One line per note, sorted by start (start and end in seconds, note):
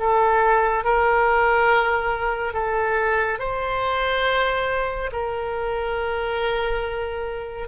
0.00 0.85 A4
0.85 2.54 A#4
2.54 3.39 A4
3.39 5.11 C5
5.13 7.68 A#4